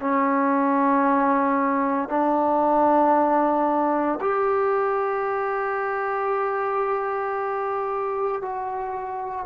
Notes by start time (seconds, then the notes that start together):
0.00 C#4
2.09 D4
4.21 G4
8.41 F#4